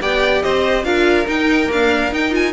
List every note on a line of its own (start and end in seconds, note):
0.00 0.42 B3
0.00 0.84 G4
0.00 0.43 D5
0.00 0.42 G5
0.42 0.84 C4
0.42 0.84 C5
0.42 0.84 D#5
0.84 1.26 D4
0.84 1.26 F4
0.84 2.52 A#4
0.84 1.26 F5
1.26 1.66 D#4
1.26 1.69 D#4
1.26 1.71 G5
1.66 2.08 A#3
1.66 2.12 D4
1.66 2.13 F5
2.11 2.30 D#4
2.11 2.53 D#4
2.11 2.34 G5
2.30 2.51 F4
2.30 2.53 G#5